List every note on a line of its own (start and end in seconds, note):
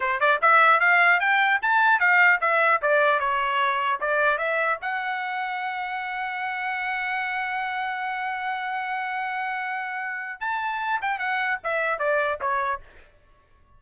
0.00 0.20 C5
0.20 0.40 D5
0.41 0.80 E5
0.80 1.19 F5
1.19 1.59 G5
1.62 1.99 A5
1.99 2.39 F5
2.41 2.81 E5
2.82 3.19 D5
3.19 3.99 C#5
4.00 4.38 D5
4.38 4.78 E5
4.81 10.40 F#5
10.40 11.00 A5
11.01 11.18 G5
11.18 11.58 F#5
11.63 11.98 E5
11.98 12.38 D5
12.40 12.80 C#5